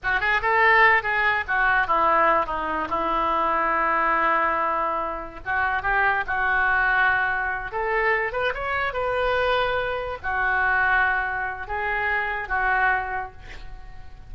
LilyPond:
\new Staff \with { instrumentName = "oboe" } { \time 4/4 \tempo 4 = 144 fis'8 gis'8 a'4. gis'4 fis'8~ | fis'8 e'4. dis'4 e'4~ | e'1~ | e'4 fis'4 g'4 fis'4~ |
fis'2~ fis'8 a'4. | b'8 cis''4 b'2~ b'8~ | b'8 fis'2.~ fis'8 | gis'2 fis'2 | }